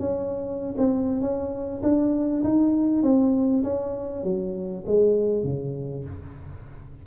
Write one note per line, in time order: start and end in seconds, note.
0.00 0.76 C#4
0.78 1.21 C4
1.21 1.82 C#4
1.83 2.44 D4
2.44 3.03 D#4
3.03 3.64 C4
3.64 4.24 C#4
4.24 4.85 F#3
4.87 5.44 G#3
5.44 6.04 C#3